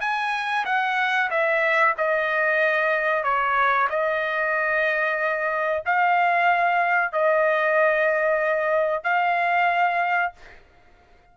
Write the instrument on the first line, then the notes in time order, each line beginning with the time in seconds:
trumpet
0.00 G#5
0.65 F#5
1.30 E5
1.97 D#5
3.23 C#5
3.89 D#5
5.85 F5
7.12 D#5
9.03 F5